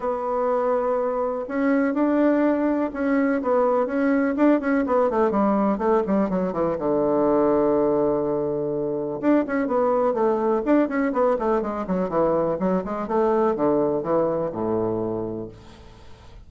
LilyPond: \new Staff \with { instrumentName = "bassoon" } { \time 4/4 \tempo 4 = 124 b2. cis'4 | d'2 cis'4 b4 | cis'4 d'8 cis'8 b8 a8 g4 | a8 g8 fis8 e8 d2~ |
d2. d'8 cis'8 | b4 a4 d'8 cis'8 b8 a8 | gis8 fis8 e4 fis8 gis8 a4 | d4 e4 a,2 | }